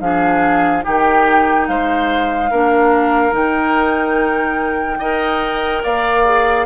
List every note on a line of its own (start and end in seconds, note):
0.00 0.83 F3
0.00 0.82 D4
0.00 0.84 G#4
0.00 0.84 F5
0.82 1.68 D#3
0.82 2.49 D#4
0.82 1.67 G4
0.82 1.68 G5
1.68 2.51 G#3
1.68 2.51 C5
1.68 3.34 F5
2.51 3.32 A#3
2.51 3.31 D4
2.51 4.99 A#4
3.31 4.99 D#3
3.31 4.98 D#4
3.31 5.84 G5
4.99 5.83 D#4
4.99 6.25 A#4
4.99 5.82 D#5
5.83 6.66 A#3
5.83 6.66 D5
5.83 6.66 F5
6.25 6.66 G#4